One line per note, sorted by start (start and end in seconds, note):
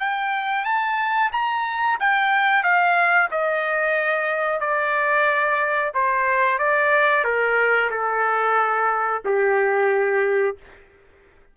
0.00 0.65 G5
0.65 1.31 A5
1.32 1.98 A#5
2.00 2.63 G5
2.63 3.29 F5
3.31 4.60 D#5
4.60 5.92 D5
5.94 6.59 C5
6.59 7.24 D5
7.24 7.90 A#4
7.91 9.23 A4
9.25 10.57 G4